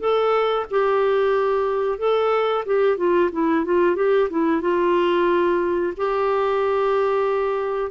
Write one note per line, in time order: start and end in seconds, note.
0.00 0.66 A4
0.71 1.99 G4
1.99 2.65 A4
2.66 2.97 G4
2.97 3.30 F4
3.32 3.65 E4
3.65 3.96 F4
3.96 4.29 G4
4.30 4.62 E4
4.62 5.93 F4
5.97 7.92 G4